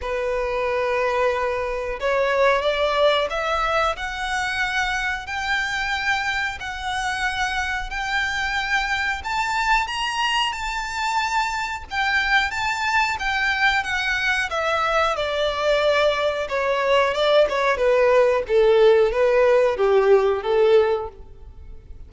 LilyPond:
\new Staff \with { instrumentName = "violin" } { \time 4/4 \tempo 4 = 91 b'2. cis''4 | d''4 e''4 fis''2 | g''2 fis''2 | g''2 a''4 ais''4 |
a''2 g''4 a''4 | g''4 fis''4 e''4 d''4~ | d''4 cis''4 d''8 cis''8 b'4 | a'4 b'4 g'4 a'4 | }